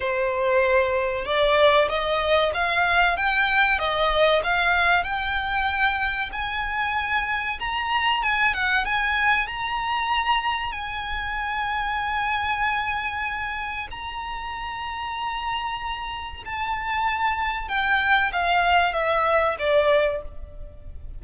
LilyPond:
\new Staff \with { instrumentName = "violin" } { \time 4/4 \tempo 4 = 95 c''2 d''4 dis''4 | f''4 g''4 dis''4 f''4 | g''2 gis''2 | ais''4 gis''8 fis''8 gis''4 ais''4~ |
ais''4 gis''2.~ | gis''2 ais''2~ | ais''2 a''2 | g''4 f''4 e''4 d''4 | }